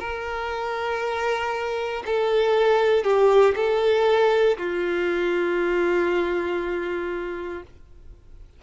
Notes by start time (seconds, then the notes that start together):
0.00 A#4
2.06 A4
3.04 G4
3.56 A4
4.58 F4